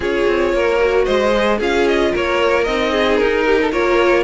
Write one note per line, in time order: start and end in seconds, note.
0.00 0.25 C#4
0.00 0.79 F4
0.00 0.53 G#4
0.00 1.05 C#5
0.27 0.53 C4
0.53 1.06 A#3
0.53 1.04 A#4
0.79 1.33 F#4
1.04 1.60 G#3
1.04 1.57 C5
1.04 1.58 D#5
1.35 1.60 G#4
1.58 2.13 C#4
1.58 2.66 F4
1.58 2.11 G#4
1.58 1.87 F5
1.87 2.14 D#5
2.12 2.67 A#3
2.12 2.91 A#4
2.12 2.64 C#5
2.64 3.20 C4
2.64 3.72 D#4
2.64 3.16 D#5
2.91 3.44 G#4
3.16 3.72 D#4
3.16 3.69 A#4
3.45 3.59 G4
3.61 3.71 A4
3.71 4.23 A#3
3.71 4.23 F4
3.71 4.23 A#4
3.71 4.23 C#5